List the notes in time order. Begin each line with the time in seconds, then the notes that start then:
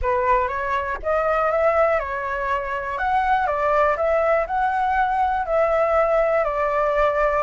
0.02 B4
0.48 C#5
1.03 D#5
1.51 E5
1.99 C#5
2.98 F#5
3.46 D5
3.96 E5
4.46 F#5
5.45 E5
6.44 D5